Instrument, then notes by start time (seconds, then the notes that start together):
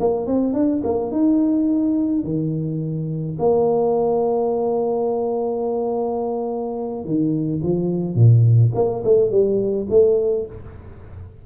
tuba
0.00 A#3
0.27 C4
0.54 D4
0.84 A#3
1.12 D#4
2.24 D#3
3.39 A#3
7.05 D#3
7.63 F3
8.15 A#2
8.75 A#3
9.05 A3
9.31 G3
9.90 A3